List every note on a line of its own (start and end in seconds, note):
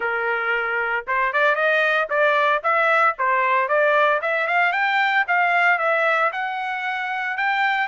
0.00 1.05 A#4
1.07 1.32 C5
1.32 1.55 D5
1.55 2.07 D#5
2.09 2.62 D5
2.63 3.16 E5
3.18 3.68 C5
3.68 4.21 D5
4.21 4.47 E5
4.47 4.72 F5
4.72 5.24 G5
5.27 5.78 F5
5.78 6.31 E5
6.32 7.37 F#5
7.37 7.87 G5